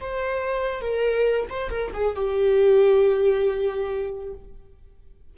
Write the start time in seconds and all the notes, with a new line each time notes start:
0.00 C5
0.81 A#4
1.49 C5
1.70 A#4
1.93 G#4
2.15 G4